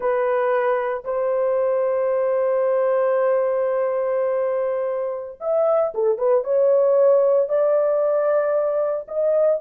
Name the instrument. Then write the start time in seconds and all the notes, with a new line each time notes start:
horn
0.00 B4
1.04 C5
5.40 E5
5.94 A4
6.17 B4
6.44 C#5
7.48 D5
9.07 D#5